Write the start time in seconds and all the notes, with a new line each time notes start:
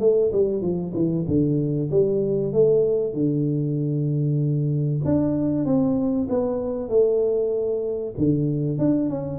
0.00 A3
0.33 G3
0.62 F3
0.94 E3
1.28 D3
1.91 G3
2.53 A3
3.14 D3
5.05 D4
5.65 C4
6.29 B3
6.89 A3
8.17 D3
8.78 D4
9.10 C#4